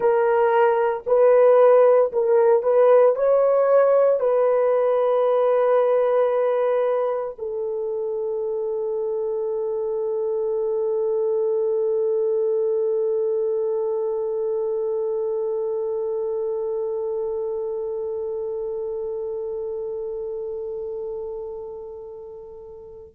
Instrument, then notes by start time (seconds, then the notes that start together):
horn
0.00 A#4
1.06 B4
2.12 A#4
2.63 B4
3.15 C#5
4.20 B4
7.38 A4